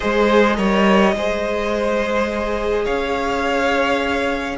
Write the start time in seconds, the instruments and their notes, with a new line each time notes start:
0.00 cello G#3, viola G#4, violin C5 D#5
0.55 cello G3, viola A#4, violin C#5
1.15 cello G#3, viola G#4, violin C5
2.84 cello C#4, violin C#5 F5